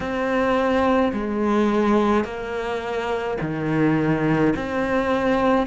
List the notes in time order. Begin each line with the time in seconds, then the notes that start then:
0.00 C4
1.12 G#3
2.24 A#3
3.41 D#3
4.55 C4